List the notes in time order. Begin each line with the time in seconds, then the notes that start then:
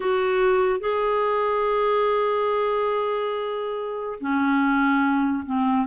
0.00 F#4
0.80 G#4
4.20 C#4
5.45 C4